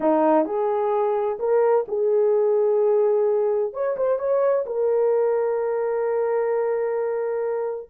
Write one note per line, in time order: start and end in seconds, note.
0.00 0.45 D#4
0.45 1.38 G#4
1.39 1.85 A#4
1.87 3.73 G#4
3.73 3.96 C#5
3.96 4.18 C5
4.18 4.65 C#5
4.66 7.90 A#4